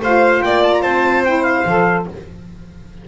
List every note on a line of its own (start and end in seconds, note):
0.00 0.41 A3
0.00 1.26 F4
0.00 0.43 C5
0.00 0.42 F5
0.42 0.83 A#3
0.42 0.82 D5
0.42 0.63 G5
0.64 0.73 A5
0.73 0.83 A#5
0.82 1.65 C4
0.82 2.05 C5
0.82 1.24 A5
1.25 1.67 E4
1.25 1.43 G5
1.43 2.05 F5
1.66 2.07 F3
1.66 2.08 A4